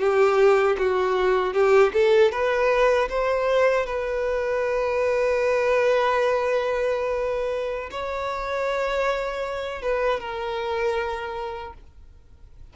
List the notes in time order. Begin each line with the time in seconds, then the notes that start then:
0.00 G4
0.78 F#4
1.54 G4
1.94 A4
2.32 B4
3.10 C5
3.87 B4
7.92 C#5
9.83 B4
10.21 A#4